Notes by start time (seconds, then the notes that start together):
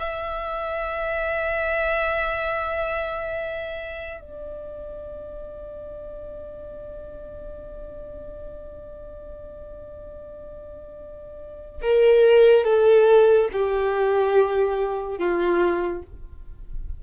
0.00 E5
4.21 D5
11.82 A#4
12.65 A4
13.53 G4
15.18 F4